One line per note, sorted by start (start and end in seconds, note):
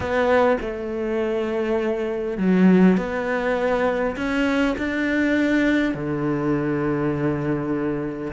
0.00 0.57 B3
0.60 2.37 A3
2.37 2.97 F#3
2.97 4.16 B3
4.16 4.75 C#4
4.78 5.94 D4
5.94 8.32 D3